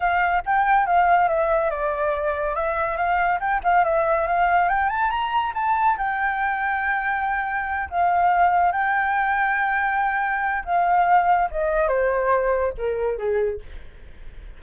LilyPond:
\new Staff \with { instrumentName = "flute" } { \time 4/4 \tempo 4 = 141 f''4 g''4 f''4 e''4 | d''2 e''4 f''4 | g''8 f''8 e''4 f''4 g''8 a''8 | ais''4 a''4 g''2~ |
g''2~ g''8 f''4.~ | f''8 g''2.~ g''8~ | g''4 f''2 dis''4 | c''2 ais'4 gis'4 | }